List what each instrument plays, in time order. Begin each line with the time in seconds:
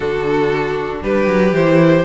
0.00 cello D3, viola D4, violin F#4 A4
1.03 cello G3, violin G4 B4
1.26 cello F#3
1.52 cello E3, viola E4, violin C5